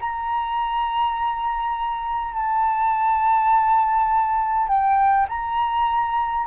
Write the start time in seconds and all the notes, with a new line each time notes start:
0.00 A#5
2.34 A5
4.68 G5
5.29 A#5